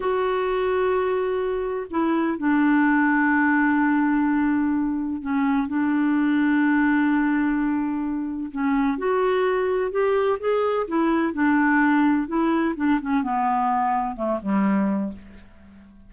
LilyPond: \new Staff \with { instrumentName = "clarinet" } { \time 4/4 \tempo 4 = 127 fis'1 | e'4 d'2.~ | d'2. cis'4 | d'1~ |
d'2 cis'4 fis'4~ | fis'4 g'4 gis'4 e'4 | d'2 e'4 d'8 cis'8 | b2 a8 g4. | }